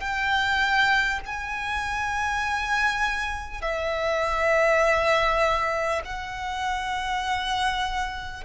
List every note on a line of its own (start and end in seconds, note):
0.00 1.20 G5
1.25 3.62 G#5
3.62 6.02 E5
6.04 8.44 F#5